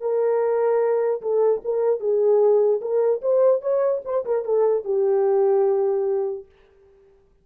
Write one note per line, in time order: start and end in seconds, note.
0.00 1.21 A#4
1.21 1.61 A4
1.64 2.00 A#4
2.00 2.80 G#4
2.81 3.21 A#4
3.21 3.61 C5
3.61 4.01 C#5
4.04 4.24 C5
4.25 4.44 A#4
4.44 4.84 A4
4.84 6.45 G4